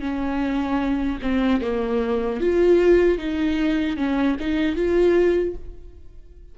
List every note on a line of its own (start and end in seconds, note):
0.00 1.18 C#4
1.22 1.61 C4
1.61 2.40 A#3
2.40 3.18 F4
3.18 3.97 D#4
3.97 4.36 C#4
4.40 4.76 D#4
4.76 5.55 F4